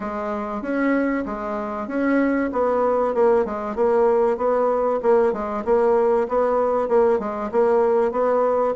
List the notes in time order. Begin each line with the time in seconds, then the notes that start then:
0.00 G#3
0.62 C#4
1.25 G#3
1.88 C#4
2.52 B3
3.14 A#3
3.45 G#3
3.75 A#3
4.37 B3
5.02 A#3
5.32 G#3
5.64 A#3
6.28 B3
6.88 A#3
7.19 G#3
7.51 A#3
8.11 B3